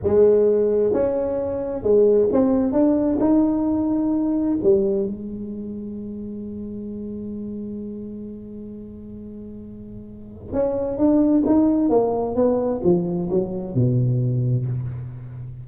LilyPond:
\new Staff \with { instrumentName = "tuba" } { \time 4/4 \tempo 4 = 131 gis2 cis'2 | gis4 c'4 d'4 dis'4~ | dis'2 g4 gis4~ | gis1~ |
gis1~ | gis2. cis'4 | d'4 dis'4 ais4 b4 | f4 fis4 b,2 | }